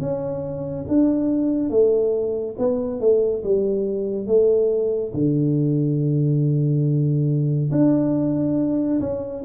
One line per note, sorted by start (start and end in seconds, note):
0.00 0.86 C#4
0.89 1.70 D4
1.70 2.56 A3
2.58 3.00 B3
3.00 3.43 A3
3.44 4.27 G3
4.27 5.13 A3
5.14 7.71 D3
7.71 9.00 D4
9.00 9.43 C#4